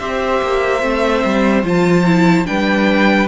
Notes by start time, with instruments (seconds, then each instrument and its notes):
0.00 cello C4, viola G4, violin C5 E5
0.42 cello A#3
0.81 cello A3, viola C4
1.25 cello G3
1.63 cello F3, viola F4, violin A5
2.06 viola E4
2.46 cello G3, viola D4, violin B4 G5